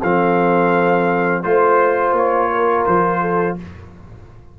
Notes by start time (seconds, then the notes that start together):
0.00 F3 C4 A4 F5
1.43 A3 F4 C5
2.12 A#3 C#5
2.50 A#4
2.85 F3 C5
3.21 A4